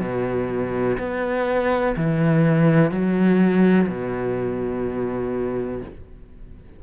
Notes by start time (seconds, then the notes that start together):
0.00 B2
0.98 B3
1.97 E3
2.91 F#3
3.88 B2